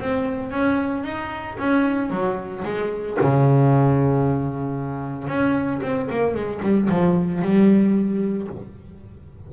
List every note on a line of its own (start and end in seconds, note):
0.00 0.51 C4
0.51 1.04 C#4
1.04 1.57 D#4
1.59 2.10 C#4
2.10 2.63 F#3
2.65 3.18 G#3
3.21 5.28 C#3
5.28 5.81 C#4
5.82 6.09 C4
6.10 6.34 A#3
6.34 6.61 G#3
6.62 6.89 G3
6.89 7.42 F3
7.42 8.48 G3